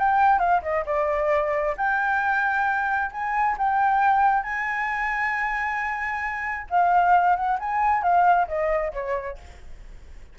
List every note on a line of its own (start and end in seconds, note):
0.00 0.39 G5
0.39 0.62 F5
0.63 0.85 D#5
0.86 1.76 D5
1.77 3.12 G5
3.12 3.57 G#5
3.58 4.43 G5
4.43 6.67 G#5
6.70 7.36 F5
7.36 7.59 F#5
7.60 8.03 G#5
8.03 8.48 F5
8.48 8.93 D#5
8.93 9.38 C#5